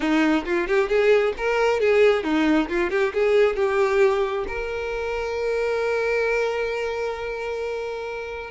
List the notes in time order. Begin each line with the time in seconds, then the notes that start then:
0.00 D#4
0.45 F4
0.67 G4
0.88 G#4
1.37 A#4
1.80 G#4
2.23 D#4
2.68 F4
2.90 G4
3.13 G#4
3.55 G4
4.47 A#4